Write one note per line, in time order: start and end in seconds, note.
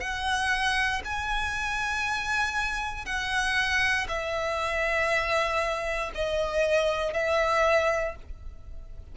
0.00 1.02 F#5
1.04 3.05 G#5
3.05 4.07 F#5
4.08 6.12 E5
6.14 7.13 D#5
7.13 8.15 E5